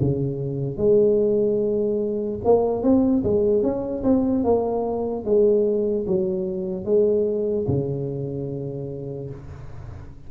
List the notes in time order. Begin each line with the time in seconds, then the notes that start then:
0.00 C#3
0.77 G#3
2.44 A#3
2.82 C4
3.23 G#3
3.62 C#4
4.04 C4
4.43 A#3
5.24 G#3
6.06 F#3
6.84 G#3
7.67 C#3